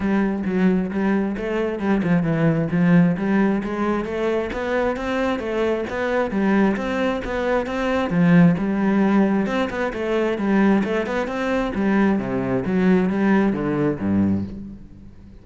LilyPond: \new Staff \with { instrumentName = "cello" } { \time 4/4 \tempo 4 = 133 g4 fis4 g4 a4 | g8 f8 e4 f4 g4 | gis4 a4 b4 c'4 | a4 b4 g4 c'4 |
b4 c'4 f4 g4~ | g4 c'8 b8 a4 g4 | a8 b8 c'4 g4 c4 | fis4 g4 d4 g,4 | }